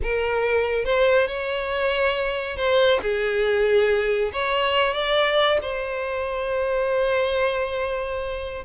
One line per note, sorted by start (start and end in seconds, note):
0.02 0.85 A#4
0.85 1.27 C5
1.27 2.57 C#5
2.57 3.00 C5
3.02 4.31 G#4
4.32 4.93 C#5
4.93 5.58 D5
5.62 8.64 C5